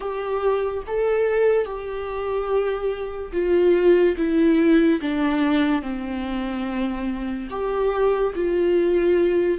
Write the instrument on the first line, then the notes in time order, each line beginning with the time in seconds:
viola
0.00 G4
0.87 A4
1.65 G4
3.32 F4
4.17 E4
5.01 D4
5.81 C4
7.50 G4
8.35 F4